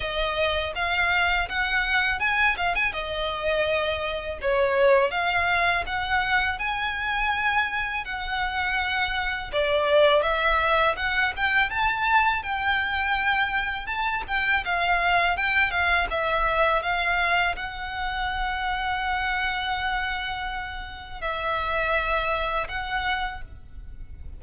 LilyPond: \new Staff \with { instrumentName = "violin" } { \time 4/4 \tempo 4 = 82 dis''4 f''4 fis''4 gis''8 f''16 gis''16 | dis''2 cis''4 f''4 | fis''4 gis''2 fis''4~ | fis''4 d''4 e''4 fis''8 g''8 |
a''4 g''2 a''8 g''8 | f''4 g''8 f''8 e''4 f''4 | fis''1~ | fis''4 e''2 fis''4 | }